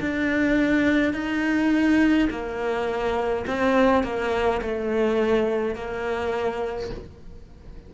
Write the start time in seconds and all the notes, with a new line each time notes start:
0.00 D4
1.13 D#4
2.30 A#3
3.47 C4
4.03 A#3
4.61 A3
5.74 A#3